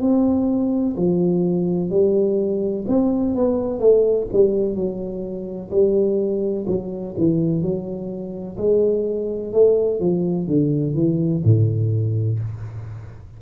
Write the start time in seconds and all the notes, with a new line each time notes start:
0.00 C4
0.97 F3
1.90 G3
2.87 C4
3.35 B3
3.79 A3
4.32 G3
4.75 F#3
5.71 G3
6.67 F#3
7.17 E3
7.62 F#3
8.57 G#3
9.52 A3
10.00 F3
10.47 D3
10.95 E3
11.44 A2